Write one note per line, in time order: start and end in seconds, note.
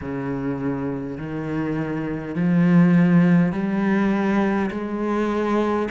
0.01 1.17 C#3
1.17 2.35 D#3
2.35 3.52 F3
3.52 4.70 G3
4.71 5.88 G#3